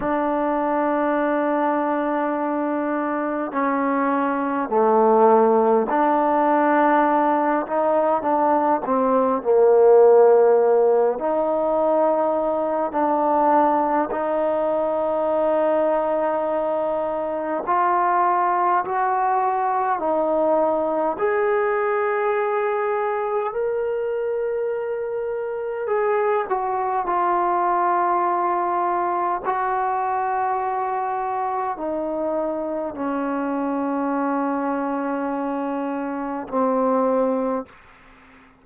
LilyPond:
\new Staff \with { instrumentName = "trombone" } { \time 4/4 \tempo 4 = 51 d'2. cis'4 | a4 d'4. dis'8 d'8 c'8 | ais4. dis'4. d'4 | dis'2. f'4 |
fis'4 dis'4 gis'2 | ais'2 gis'8 fis'8 f'4~ | f'4 fis'2 dis'4 | cis'2. c'4 | }